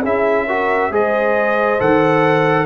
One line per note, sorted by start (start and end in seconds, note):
0.00 0.91 C#4
0.00 0.48 E4
0.00 0.44 G#4
0.00 0.93 E5
0.46 0.91 F#4
0.46 0.90 A#4
0.91 1.79 G#3
0.91 1.78 G#4
0.91 2.65 C5
0.91 1.80 D#5
1.78 2.65 D#3
1.78 2.65 A4
1.78 2.65 F#5